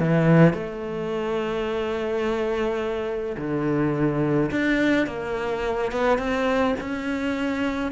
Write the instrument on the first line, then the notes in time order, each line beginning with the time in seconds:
cello
0.00 E3
0.54 A3
3.38 D3
4.52 D4
5.07 A#3
5.92 B3
6.19 C4
6.81 C#4